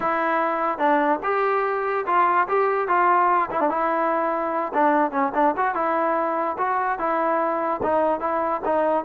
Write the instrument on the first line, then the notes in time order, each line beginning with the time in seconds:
trombone
0.00 E4
0.78 D4
1.23 G4
2.06 F4
2.48 G4
2.88 F4
3.51 E4
3.60 D4
3.69 E4
4.73 D4
5.11 C#4
5.34 D4
5.56 F#4
5.74 E4
6.58 F#4
6.98 E4
7.82 D#4
8.20 E4
8.64 D#4